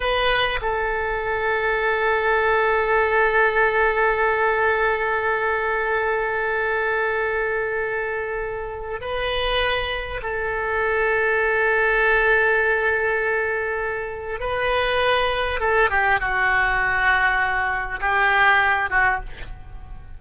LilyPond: \new Staff \with { instrumentName = "oboe" } { \time 4/4 \tempo 4 = 100 b'4 a'2.~ | a'1~ | a'1~ | a'2. b'4~ |
b'4 a'2.~ | a'1 | b'2 a'8 g'8 fis'4~ | fis'2 g'4. fis'8 | }